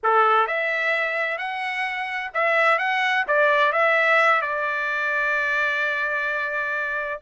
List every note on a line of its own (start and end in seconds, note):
0.03 0.47 A4
0.47 1.37 E5
1.37 2.30 F#5
2.34 2.78 E5
2.78 3.25 F#5
3.27 3.72 D5
3.72 4.41 E5
4.41 7.20 D5